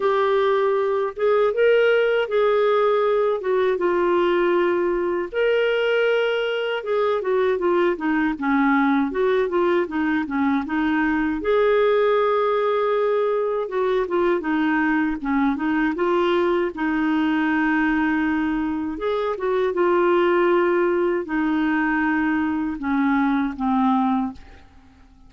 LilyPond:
\new Staff \with { instrumentName = "clarinet" } { \time 4/4 \tempo 4 = 79 g'4. gis'8 ais'4 gis'4~ | gis'8 fis'8 f'2 ais'4~ | ais'4 gis'8 fis'8 f'8 dis'8 cis'4 | fis'8 f'8 dis'8 cis'8 dis'4 gis'4~ |
gis'2 fis'8 f'8 dis'4 | cis'8 dis'8 f'4 dis'2~ | dis'4 gis'8 fis'8 f'2 | dis'2 cis'4 c'4 | }